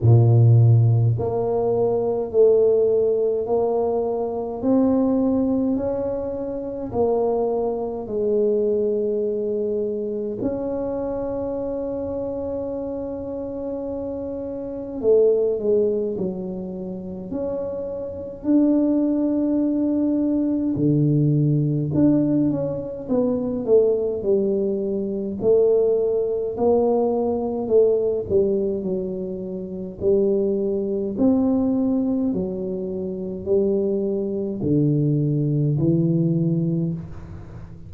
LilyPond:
\new Staff \with { instrumentName = "tuba" } { \time 4/4 \tempo 4 = 52 ais,4 ais4 a4 ais4 | c'4 cis'4 ais4 gis4~ | gis4 cis'2.~ | cis'4 a8 gis8 fis4 cis'4 |
d'2 d4 d'8 cis'8 | b8 a8 g4 a4 ais4 | a8 g8 fis4 g4 c'4 | fis4 g4 d4 e4 | }